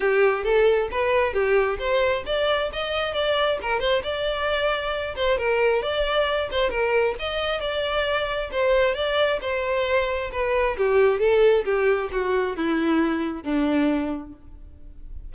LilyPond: \new Staff \with { instrumentName = "violin" } { \time 4/4 \tempo 4 = 134 g'4 a'4 b'4 g'4 | c''4 d''4 dis''4 d''4 | ais'8 c''8 d''2~ d''8 c''8 | ais'4 d''4. c''8 ais'4 |
dis''4 d''2 c''4 | d''4 c''2 b'4 | g'4 a'4 g'4 fis'4 | e'2 d'2 | }